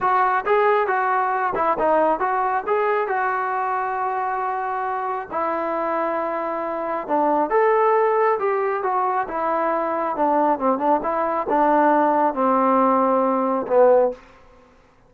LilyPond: \new Staff \with { instrumentName = "trombone" } { \time 4/4 \tempo 4 = 136 fis'4 gis'4 fis'4. e'8 | dis'4 fis'4 gis'4 fis'4~ | fis'1 | e'1 |
d'4 a'2 g'4 | fis'4 e'2 d'4 | c'8 d'8 e'4 d'2 | c'2. b4 | }